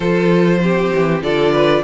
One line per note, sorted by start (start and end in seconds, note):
0.00 0.91 F3
0.00 0.61 F4
0.00 0.60 A4
0.00 1.22 C5
0.61 1.22 C4
0.61 1.23 G4
0.94 1.22 E3
1.22 1.83 D3
1.22 1.83 F4
1.22 1.52 A4
1.22 1.84 D5
1.52 1.82 B4